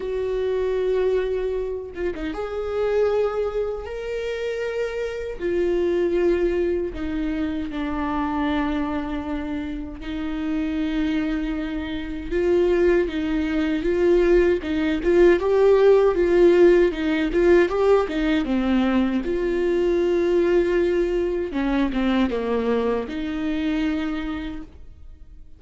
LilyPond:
\new Staff \with { instrumentName = "viola" } { \time 4/4 \tempo 4 = 78 fis'2~ fis'8 f'16 dis'16 gis'4~ | gis'4 ais'2 f'4~ | f'4 dis'4 d'2~ | d'4 dis'2. |
f'4 dis'4 f'4 dis'8 f'8 | g'4 f'4 dis'8 f'8 g'8 dis'8 | c'4 f'2. | cis'8 c'8 ais4 dis'2 | }